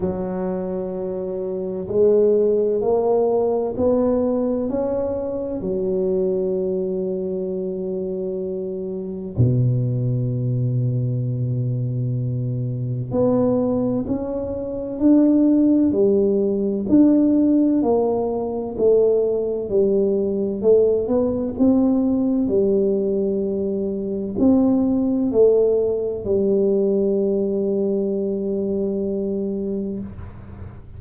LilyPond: \new Staff \with { instrumentName = "tuba" } { \time 4/4 \tempo 4 = 64 fis2 gis4 ais4 | b4 cis'4 fis2~ | fis2 b,2~ | b,2 b4 cis'4 |
d'4 g4 d'4 ais4 | a4 g4 a8 b8 c'4 | g2 c'4 a4 | g1 | }